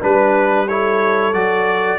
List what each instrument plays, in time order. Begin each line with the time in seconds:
0.00 tuba G3, trombone D4, horn B4, trumpet B4
0.68 trombone E4, horn A4, trumpet C#5
1.33 tuba F#3, trombone F#4, trumpet D5